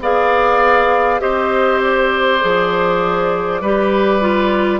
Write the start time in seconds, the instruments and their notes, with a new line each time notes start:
0.00 bassoon B3, clarinet G#4, oboe D5, flute F5
1.20 bassoon C4, clarinet G4, oboe C5, flute D#5
1.82 flute D5
2.40 bassoon F3, clarinet G#4
3.60 bassoon G3, clarinet G4, oboe B4
4.21 clarinet F4